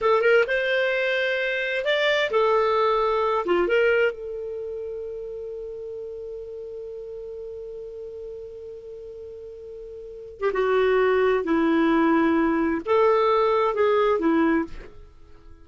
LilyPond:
\new Staff \with { instrumentName = "clarinet" } { \time 4/4 \tempo 4 = 131 a'8 ais'8 c''2. | d''4 a'2~ a'8 f'8 | ais'4 a'2.~ | a'1~ |
a'1~ | a'2~ a'8. g'16 fis'4~ | fis'4 e'2. | a'2 gis'4 e'4 | }